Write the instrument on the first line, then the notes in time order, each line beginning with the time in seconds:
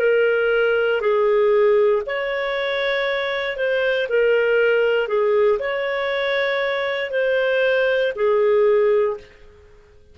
clarinet
0.00 A#4
1.01 G#4
2.07 C#5
3.57 C5
4.10 A#4
5.08 G#4
5.60 C#5
7.11 C5
8.16 G#4